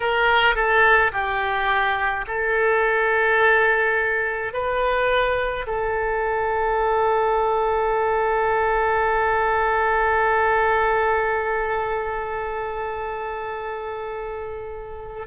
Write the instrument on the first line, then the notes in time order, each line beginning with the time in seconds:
oboe
0.00 A#4
0.55 A4
1.12 G4
2.27 A4
4.53 B4
5.67 A4